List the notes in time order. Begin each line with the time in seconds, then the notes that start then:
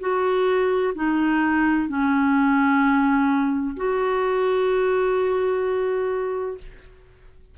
0.00 F#4
0.95 D#4
1.88 C#4
3.76 F#4